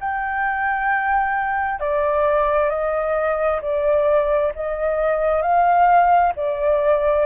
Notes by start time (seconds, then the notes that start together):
0.00 G5
1.80 D5
2.69 D#5
3.62 D5
4.55 D#5
5.42 F5
6.36 D5